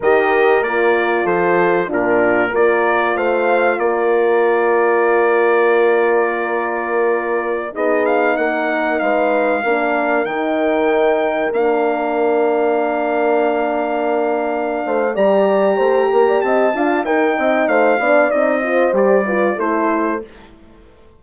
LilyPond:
<<
  \new Staff \with { instrumentName = "trumpet" } { \time 4/4 \tempo 4 = 95 dis''4 d''4 c''4 ais'4 | d''4 f''4 d''2~ | d''1~ | d''16 dis''8 f''8 fis''4 f''4.~ f''16~ |
f''16 g''2 f''4.~ f''16~ | f''1 | ais''2 a''4 g''4 | f''4 dis''4 d''4 c''4 | }
  \new Staff \with { instrumentName = "horn" } { \time 4/4 ais'2 a'4 f'4 | ais'4 c''4 ais'2~ | ais'1~ | ais'16 gis'4 ais'4 b'4 ais'8.~ |
ais'1~ | ais'2.~ ais'8 c''8 | d''4 c''8 ais'16 d''16 dis''8 f''8 ais'8 dis''8 | c''8 d''4 c''4 b'8 a'4 | }
  \new Staff \with { instrumentName = "horn" } { \time 4/4 g'4 f'2 d'4 | f'1~ | f'1~ | f'16 dis'2. d'8.~ |
d'16 dis'2 d'4.~ d'16~ | d'1 | g'2~ g'8 f'8 dis'4~ | dis'8 d'8 dis'8 f'8 g'8 f'8 e'4 | }
  \new Staff \with { instrumentName = "bassoon" } { \time 4/4 dis4 ais4 f4 ais,4 | ais4 a4 ais2~ | ais1~ | ais16 b4 ais4 gis4 ais8.~ |
ais16 dis2 ais4.~ ais16~ | ais2.~ ais8 a8 | g4 a8 ais8 c'8 d'8 dis'8 c'8 | a8 b8 c'4 g4 a4 | }
>>